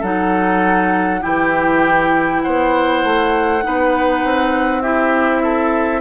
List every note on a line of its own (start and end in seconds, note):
0.00 1.22 F#3
0.00 1.21 D#4
0.00 1.20 A4
0.00 1.23 F#5
1.21 2.45 E3
1.21 3.61 E4
1.21 2.42 G4
1.21 2.42 G5
2.42 3.04 B3
2.42 3.64 C5
2.42 4.82 F#5
3.04 3.64 A3
3.62 4.24 B3
3.62 4.82 D#4
3.62 4.82 B4
4.24 6.01 C4
4.82 6.01 E4
4.82 5.42 G4
4.82 6.01 E5
5.43 6.01 A4